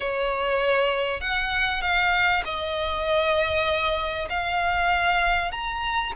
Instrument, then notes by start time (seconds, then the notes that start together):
violin
0.00 C#5
1.21 F#5
1.81 F5
2.44 D#5
4.29 F5
5.51 A#5